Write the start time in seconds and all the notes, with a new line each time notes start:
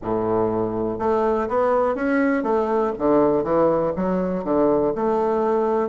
0.01 A2
0.98 A3
1.48 B3
1.94 C#4
2.43 A3
2.98 D3
3.43 E3
3.96 F#3
4.44 D3
4.95 A3